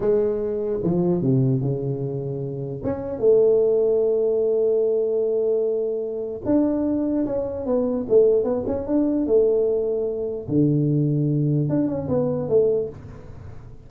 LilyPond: \new Staff \with { instrumentName = "tuba" } { \time 4/4 \tempo 4 = 149 gis2 f4 c4 | cis2. cis'4 | a1~ | a1 |
d'2 cis'4 b4 | a4 b8 cis'8 d'4 a4~ | a2 d2~ | d4 d'8 cis'8 b4 a4 | }